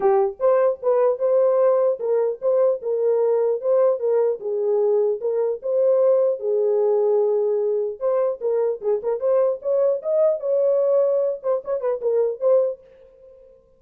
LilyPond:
\new Staff \with { instrumentName = "horn" } { \time 4/4 \tempo 4 = 150 g'4 c''4 b'4 c''4~ | c''4 ais'4 c''4 ais'4~ | ais'4 c''4 ais'4 gis'4~ | gis'4 ais'4 c''2 |
gis'1 | c''4 ais'4 gis'8 ais'8 c''4 | cis''4 dis''4 cis''2~ | cis''8 c''8 cis''8 b'8 ais'4 c''4 | }